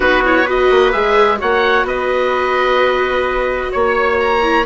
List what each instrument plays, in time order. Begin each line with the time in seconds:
0.00 bassoon B3, viola D#4, trumpet F#4, oboe B4
0.24 viola E4, oboe C#5
0.45 viola F#4, trumpet B4, oboe D#5
0.70 bassoon A#3
0.92 bassoon G#3, viola G#4, oboe E5
1.37 bassoon A#3, viola F#4, trumpet C#5, oboe F#5
1.83 bassoon B3, trumpet B4, oboe D#5
3.71 bassoon A#3, trumpet C#5, oboe C#5
4.19 oboe A#5
4.41 viola E4